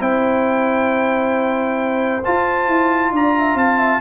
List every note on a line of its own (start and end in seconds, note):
0.00 2.23 C4
0.00 2.22 E4
0.00 3.13 C5
0.00 2.24 G5
2.24 4.01 F4
2.24 2.68 F4
2.24 3.13 A5
2.68 3.12 E4
3.12 3.55 D4
3.12 3.36 D5
3.12 3.58 A#5
3.39 3.57 E5
3.55 4.00 C4
3.55 3.79 F5
3.55 4.01 A5
3.79 4.01 E5